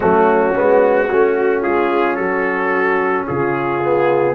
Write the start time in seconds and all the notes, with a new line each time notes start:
0.00 F#3 A3 C#4 F#4
0.54 G#3 B3
1.09 A3 C#4 F#4
1.62 G#3 F4 G#4
2.15 F#3 F#4 A4
3.26 C#3 F4 G#4
3.82 B3